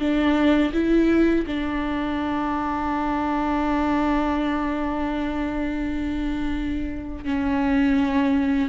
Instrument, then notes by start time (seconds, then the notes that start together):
viola
0.00 D4
0.73 E4
1.47 D4
7.25 C#4